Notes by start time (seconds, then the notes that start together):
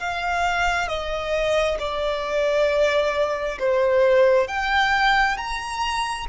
0.00 F5
0.88 D#5
1.80 D5
3.60 C5
4.48 G5
5.37 A#5